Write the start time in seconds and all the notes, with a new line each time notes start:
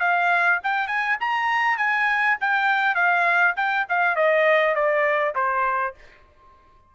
0.00 F5
0.63 G5
0.87 G#5
1.20 A#5
1.77 G#5
2.40 G5
2.95 F5
3.56 G5
3.89 F5
4.16 D#5
4.75 D5
5.35 C5